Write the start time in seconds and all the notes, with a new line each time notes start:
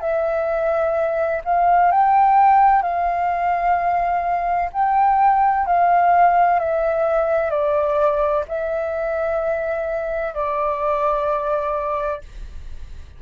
0.00 E5
1.44 F5
1.91 G5
2.82 F5
4.73 G5
5.66 F5
6.59 E5
7.50 D5
8.48 E5
10.34 D5